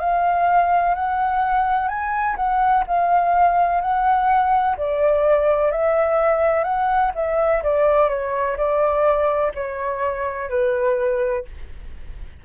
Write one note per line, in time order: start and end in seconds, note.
0.00 0.95 F5
0.95 1.88 F#5
1.88 2.36 G#5
2.36 2.84 F#5
2.87 3.81 F5
3.81 4.77 F#5
4.77 5.72 D5
5.72 6.64 E5
6.64 7.12 F#5
7.15 7.63 E5
7.63 8.10 D5
8.10 8.57 C#5
8.57 9.52 D5
9.55 10.50 C#5
10.50 11.45 B4